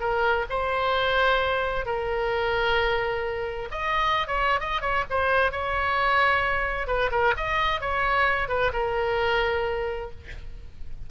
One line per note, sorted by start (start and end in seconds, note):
0.00 0.46 A#4
0.50 1.86 C5
1.86 3.69 A#4
3.71 4.27 D#5
4.27 4.60 C#5
4.60 4.81 D#5
4.81 5.04 C#5
5.10 5.51 C5
5.51 6.87 C#5
6.87 7.10 B4
7.11 7.34 A#4
7.37 7.81 D#5
7.81 8.49 C#5
8.49 8.71 B4
8.73 10.10 A#4